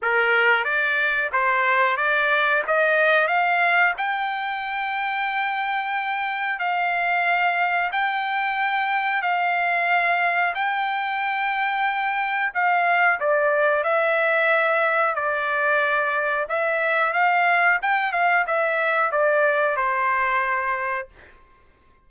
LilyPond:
\new Staff \with { instrumentName = "trumpet" } { \time 4/4 \tempo 4 = 91 ais'4 d''4 c''4 d''4 | dis''4 f''4 g''2~ | g''2 f''2 | g''2 f''2 |
g''2. f''4 | d''4 e''2 d''4~ | d''4 e''4 f''4 g''8 f''8 | e''4 d''4 c''2 | }